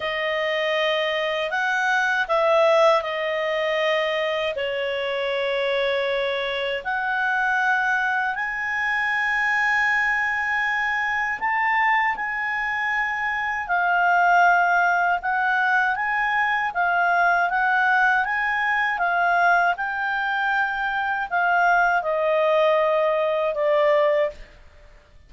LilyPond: \new Staff \with { instrumentName = "clarinet" } { \time 4/4 \tempo 4 = 79 dis''2 fis''4 e''4 | dis''2 cis''2~ | cis''4 fis''2 gis''4~ | gis''2. a''4 |
gis''2 f''2 | fis''4 gis''4 f''4 fis''4 | gis''4 f''4 g''2 | f''4 dis''2 d''4 | }